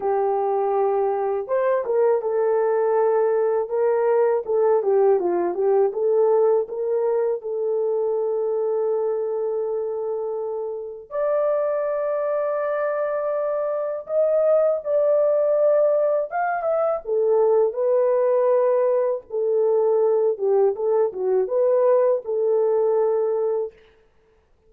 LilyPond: \new Staff \with { instrumentName = "horn" } { \time 4/4 \tempo 4 = 81 g'2 c''8 ais'8 a'4~ | a'4 ais'4 a'8 g'8 f'8 g'8 | a'4 ais'4 a'2~ | a'2. d''4~ |
d''2. dis''4 | d''2 f''8 e''8 a'4 | b'2 a'4. g'8 | a'8 fis'8 b'4 a'2 | }